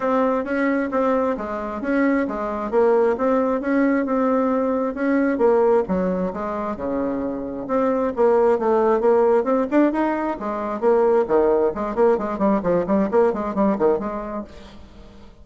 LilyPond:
\new Staff \with { instrumentName = "bassoon" } { \time 4/4 \tempo 4 = 133 c'4 cis'4 c'4 gis4 | cis'4 gis4 ais4 c'4 | cis'4 c'2 cis'4 | ais4 fis4 gis4 cis4~ |
cis4 c'4 ais4 a4 | ais4 c'8 d'8 dis'4 gis4 | ais4 dis4 gis8 ais8 gis8 g8 | f8 g8 ais8 gis8 g8 dis8 gis4 | }